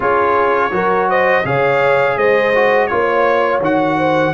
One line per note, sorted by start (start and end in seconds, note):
0.00 0.71 C#4
0.00 0.71 F4
0.00 0.71 G#4
0.00 1.10 C#5
0.71 1.43 F#3
0.71 1.44 F#4
0.71 1.08 A#4
1.08 1.45 C5
1.08 1.45 D#5
1.44 2.16 C#3
1.44 2.53 G#4
1.44 2.17 C#5
1.44 2.18 F5
2.16 2.89 G#3
2.16 2.89 C5
2.16 2.87 D#5
2.54 2.89 F#4
2.87 3.60 A#3
2.87 3.61 F4
2.87 3.59 C#5
2.87 3.97 C#5
3.60 4.32 D#3
3.60 4.34 F#4
3.60 4.34 F#5
3.97 4.33 C5